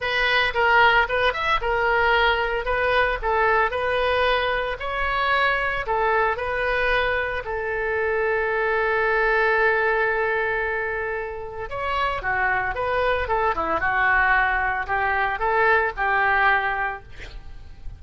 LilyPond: \new Staff \with { instrumentName = "oboe" } { \time 4/4 \tempo 4 = 113 b'4 ais'4 b'8 e''8 ais'4~ | ais'4 b'4 a'4 b'4~ | b'4 cis''2 a'4 | b'2 a'2~ |
a'1~ | a'2 cis''4 fis'4 | b'4 a'8 e'8 fis'2 | g'4 a'4 g'2 | }